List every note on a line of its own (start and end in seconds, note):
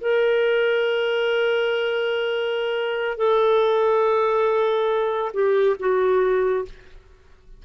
0.00 3.17 A#4
3.17 5.31 A4
5.33 5.76 G4
5.79 6.65 F#4